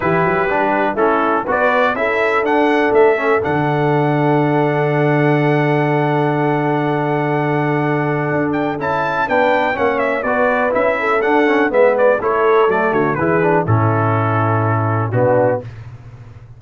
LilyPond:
<<
  \new Staff \with { instrumentName = "trumpet" } { \time 4/4 \tempo 4 = 123 b'2 a'4 d''4 | e''4 fis''4 e''4 fis''4~ | fis''1~ | fis''1~ |
fis''4. g''8 a''4 g''4 | fis''8 e''8 d''4 e''4 fis''4 | e''8 d''8 cis''4 d''8 cis''8 b'4 | a'2. fis'4 | }
  \new Staff \with { instrumentName = "horn" } { \time 4/4 g'2 e'4 b'4 | a'1~ | a'1~ | a'1~ |
a'2. b'4 | cis''4 b'4. a'4. | b'4 a'4. fis'8 gis'4 | e'2. d'4 | }
  \new Staff \with { instrumentName = "trombone" } { \time 4/4 e'4 d'4 cis'4 fis'4 | e'4 d'4. cis'8 d'4~ | d'1~ | d'1~ |
d'2 e'4 d'4 | cis'4 fis'4 e'4 d'8 cis'8 | b4 e'4 a4 e'8 d'8 | cis'2. b4 | }
  \new Staff \with { instrumentName = "tuba" } { \time 4/4 e8 fis8 g4 a4 b4 | cis'4 d'4 a4 d4~ | d1~ | d1~ |
d4 d'4 cis'4 b4 | ais4 b4 cis'4 d'4 | gis4 a4 fis8 d8 e4 | a,2. b,4 | }
>>